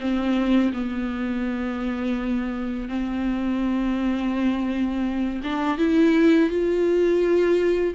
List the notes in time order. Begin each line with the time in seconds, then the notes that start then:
0.00 C4
0.73 B3
2.88 C4
5.43 D4
5.78 E4
6.50 F4